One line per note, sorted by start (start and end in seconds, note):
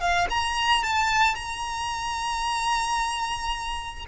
0.00 0.27 F5
0.29 0.83 A#5
0.83 1.35 A5
1.35 4.05 A#5